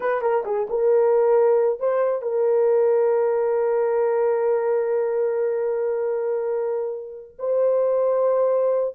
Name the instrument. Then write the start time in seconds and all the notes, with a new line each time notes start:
horn
0.00 B4
0.21 A#4
0.45 G#4
0.69 A#4
1.79 C5
2.22 A#4
7.38 C5